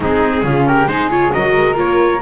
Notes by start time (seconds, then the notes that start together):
0.00 G#3 C4 D#4 G#4
0.43 C#3 C#4 F4
0.67 G4 A#4
0.86 G#3 D#4 G#4 C5
1.09 F4 C#5
1.31 F#3 F#4 A#4 D#5
1.57 G#3
1.74 A#3 F4 C#5